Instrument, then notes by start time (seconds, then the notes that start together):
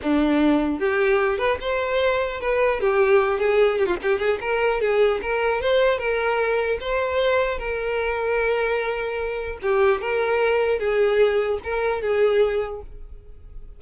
violin
0.02 D4
0.79 G4
1.37 B4
1.60 C5
2.40 B4
2.80 G4
3.39 G#4
3.78 G4
3.86 F4
4.02 G4
4.18 G#4
4.40 A#4
4.81 G#4
5.21 A#4
5.61 C5
5.98 A#4
6.80 C5
7.58 A#4
9.61 G4
10.01 A#4
10.79 G#4
11.63 A#4
12.01 G#4